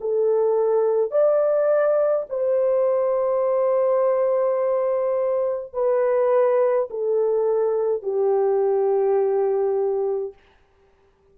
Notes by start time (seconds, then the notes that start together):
0.00 A4
1.11 D5
2.29 C5
5.73 B4
6.90 A4
8.02 G4